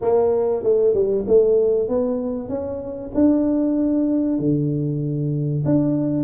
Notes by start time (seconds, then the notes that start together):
0.01 A#3
0.62 A3
0.94 G3
1.27 A3
1.88 B3
2.48 C#4
3.14 D4
4.38 D3
5.65 D4